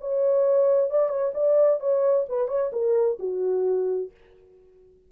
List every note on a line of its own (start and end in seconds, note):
0.00 0.90 C#5
0.90 1.08 D5
1.08 1.31 C#5
1.34 1.80 D5
1.80 2.26 C#5
2.29 2.48 B4
2.48 2.71 C#5
2.73 3.18 A#4
3.19 4.11 F#4